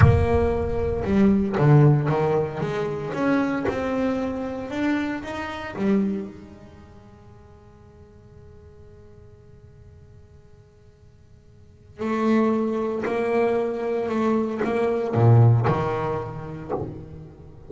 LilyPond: \new Staff \with { instrumentName = "double bass" } { \time 4/4 \tempo 4 = 115 ais2 g4 d4 | dis4 gis4 cis'4 c'4~ | c'4 d'4 dis'4 g4 | gis1~ |
gis1~ | gis2. a4~ | a4 ais2 a4 | ais4 ais,4 dis2 | }